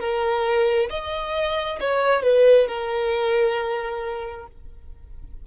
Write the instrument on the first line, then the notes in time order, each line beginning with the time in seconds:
violin
0.00 A#4
0.90 D#5
1.80 C#5
2.23 B4
2.68 A#4